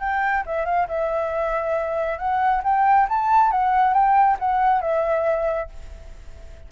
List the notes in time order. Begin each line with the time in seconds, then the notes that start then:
0.00 G5
0.46 E5
0.65 F5
0.88 E5
2.18 F#5
2.64 G5
3.09 A5
3.51 F#5
3.93 G5
4.39 F#5
4.81 E5